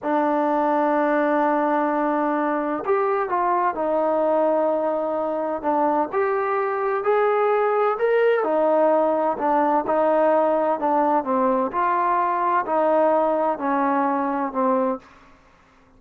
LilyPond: \new Staff \with { instrumentName = "trombone" } { \time 4/4 \tempo 4 = 128 d'1~ | d'2 g'4 f'4 | dis'1 | d'4 g'2 gis'4~ |
gis'4 ais'4 dis'2 | d'4 dis'2 d'4 | c'4 f'2 dis'4~ | dis'4 cis'2 c'4 | }